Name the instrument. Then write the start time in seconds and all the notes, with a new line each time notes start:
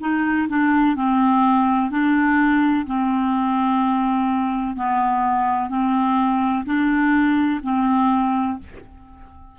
clarinet
0.00 D#4
0.48 D4
0.96 C4
1.90 D4
2.86 C4
4.76 B3
5.69 C4
6.65 D4
7.63 C4